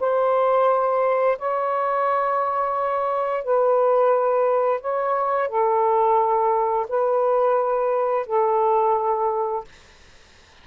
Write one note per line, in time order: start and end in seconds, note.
0.00 1.38 C5
1.38 3.44 C#5
3.44 4.81 B4
4.81 5.49 C#5
5.49 6.87 A4
6.89 8.27 B4
8.27 9.65 A4